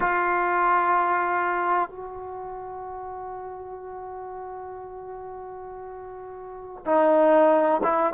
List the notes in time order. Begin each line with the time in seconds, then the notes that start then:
0.00 F4
1.89 F#4
6.85 D#4
7.83 E4